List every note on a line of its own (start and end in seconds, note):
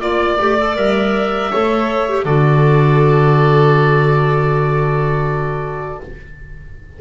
0.00 0.38 A#3
0.00 0.38 F4
0.00 0.75 D5
0.00 1.51 D5
0.39 0.76 A3
0.39 0.57 G4
0.58 0.75 A4
0.75 1.51 G3
0.75 1.50 A#4
0.75 2.25 E5
1.51 2.25 A3
1.51 2.08 A4
1.51 2.24 C#5
2.08 2.26 G4
2.24 6.00 D3
2.24 6.01 F#4
2.24 5.99 A4
2.24 6.00 D5